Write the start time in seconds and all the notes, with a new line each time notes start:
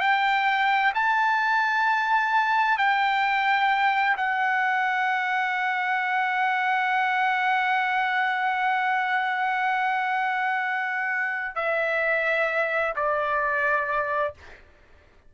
0.00 G5
0.95 A5
2.78 G5
4.17 F#5
11.56 E5
12.96 D5